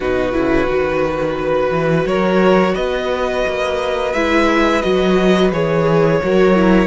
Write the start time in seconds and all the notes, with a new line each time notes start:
0.00 B2 D#4 F#4 B4
0.32 C#3 E4
0.66 D#3 F#4
1.39 B4
1.70 E3
2.05 F#3 A#4 C#5
2.74 B3 B4 D#5
3.47 A#3
4.13 G#3 E4 E5
4.81 F#3 F#4 D#5
5.51 E3 G#4 C#5
6.22 F#3 F#4 A#4
6.55 E4